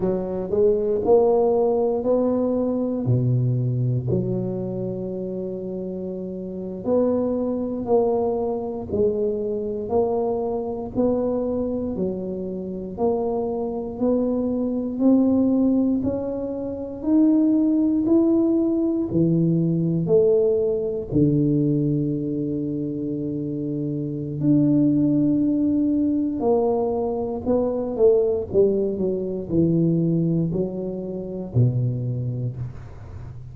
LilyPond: \new Staff \with { instrumentName = "tuba" } { \time 4/4 \tempo 4 = 59 fis8 gis8 ais4 b4 b,4 | fis2~ fis8. b4 ais16~ | ais8. gis4 ais4 b4 fis16~ | fis8. ais4 b4 c'4 cis'16~ |
cis'8. dis'4 e'4 e4 a16~ | a8. d2.~ d16 | d'2 ais4 b8 a8 | g8 fis8 e4 fis4 b,4 | }